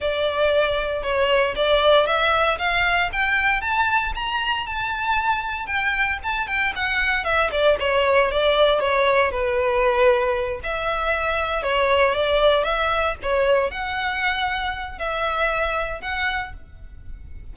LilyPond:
\new Staff \with { instrumentName = "violin" } { \time 4/4 \tempo 4 = 116 d''2 cis''4 d''4 | e''4 f''4 g''4 a''4 | ais''4 a''2 g''4 | a''8 g''8 fis''4 e''8 d''8 cis''4 |
d''4 cis''4 b'2~ | b'8 e''2 cis''4 d''8~ | d''8 e''4 cis''4 fis''4.~ | fis''4 e''2 fis''4 | }